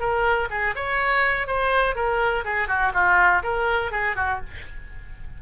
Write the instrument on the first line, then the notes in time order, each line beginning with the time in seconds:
oboe
0.00 A#4
0.51 G#4
0.76 C#5
1.48 C5
1.96 A#4
2.45 G#4
2.68 F#4
2.94 F4
3.43 A#4
3.92 G#4
4.16 F#4